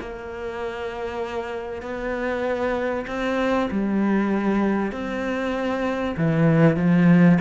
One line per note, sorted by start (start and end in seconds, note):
0.00 1.82 A#3
1.82 3.06 B3
3.07 3.69 C4
3.71 4.92 G3
4.92 6.16 C4
6.17 6.76 E3
6.76 7.38 F3